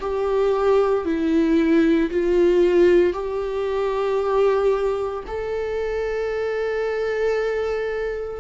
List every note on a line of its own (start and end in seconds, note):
0.00 1.05 G4
1.05 2.10 E4
2.11 3.13 F4
3.13 5.23 G4
5.27 8.40 A4